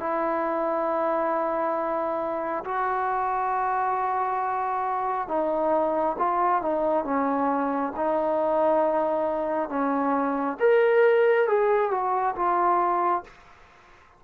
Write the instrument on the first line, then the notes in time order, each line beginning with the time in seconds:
trombone
0.00 E4
2.65 F#4
5.29 D#4
6.19 F4
6.63 D#4
7.05 C#4
7.96 D#4
9.69 C#4
10.60 A#4
11.48 G#4
11.91 F#4
12.36 F4